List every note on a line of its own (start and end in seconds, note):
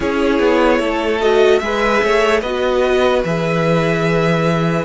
0.00 0.39 C#4
0.00 1.19 E4
0.00 0.79 G#4
0.00 1.20 C#5
0.39 0.79 B3
0.79 1.60 A3
0.79 1.60 A4
1.20 1.61 F#4
1.20 1.58 D#5
1.58 2.01 G#3
1.58 2.43 G#4
1.58 2.04 B4
1.58 2.40 E5
2.03 2.42 A3
2.03 2.40 C#5
2.40 3.23 B3
2.40 3.25 F#4
2.40 4.84 B4
2.40 3.22 D#5
3.24 4.85 E3
3.24 4.85 G#4
3.24 4.85 E5